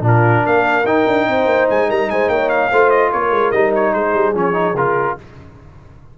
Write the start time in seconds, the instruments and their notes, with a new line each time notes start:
0.00 tuba A#2, trombone D4, horn F4
0.07 trumpet A#4
0.45 tuba A#3, horn A#4, trumpet F5
0.84 tuba D#4, trombone D#4, trumpet G5
1.07 tuba D4
1.27 tuba C4, horn C5
1.45 tuba A#3
1.69 tuba G#3, trumpet G#5
1.88 tuba G3, horn A#4, trumpet A#5
2.10 tuba G#3, horn C5, trumpet G#5
2.28 tuba A#3, horn C#5, trumpet G5
2.49 trumpet F5
2.70 tuba A3, trombone F4, horn C5
2.90 trumpet D#5
3.12 tuba A#3, horn A#4, trumpet C#5
3.31 tuba G#3
3.51 tuba G3, trombone D#4, trumpet D#5
3.75 trumpet C#5
3.93 tuba G#3, horn G#4, trumpet C5
4.14 tuba G3
4.34 tuba F3, trombone C#4, trumpet C#5
4.53 trombone D#4
4.74 tuba C#3, trombone F4, trumpet A#4